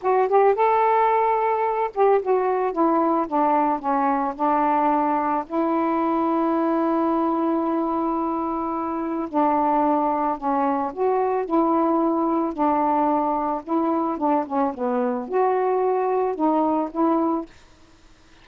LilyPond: \new Staff \with { instrumentName = "saxophone" } { \time 4/4 \tempo 4 = 110 fis'8 g'8 a'2~ a'8 g'8 | fis'4 e'4 d'4 cis'4 | d'2 e'2~ | e'1~ |
e'4 d'2 cis'4 | fis'4 e'2 d'4~ | d'4 e'4 d'8 cis'8 b4 | fis'2 dis'4 e'4 | }